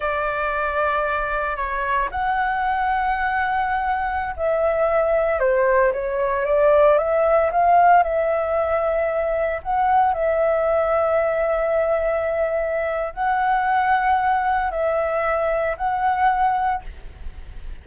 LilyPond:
\new Staff \with { instrumentName = "flute" } { \time 4/4 \tempo 4 = 114 d''2. cis''4 | fis''1~ | fis''16 e''2 c''4 cis''8.~ | cis''16 d''4 e''4 f''4 e''8.~ |
e''2~ e''16 fis''4 e''8.~ | e''1~ | e''4 fis''2. | e''2 fis''2 | }